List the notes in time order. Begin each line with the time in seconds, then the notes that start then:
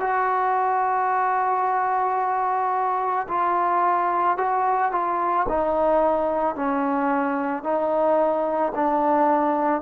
0.00 F#4
3.28 F4
4.37 F#4
4.92 F4
5.48 D#4
6.56 C#4
7.64 D#4
8.75 D4